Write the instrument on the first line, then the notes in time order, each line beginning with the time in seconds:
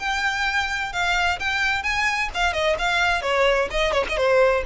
violin
0.00 G5
0.93 F5
1.40 G5
1.84 G#5
2.35 F5
2.53 D#5
2.79 F5
3.22 C#5
3.71 D#5
3.93 C#5
4.10 D#5
4.17 C5